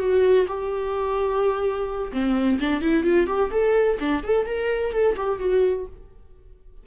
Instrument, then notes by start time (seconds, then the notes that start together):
viola
0.00 F#4
0.48 G4
2.13 C4
2.60 D4
2.81 E4
3.04 F4
3.27 G4
3.51 A4
4.00 D4
4.24 A4
4.46 A#4
4.93 A4
5.17 G4
5.39 F#4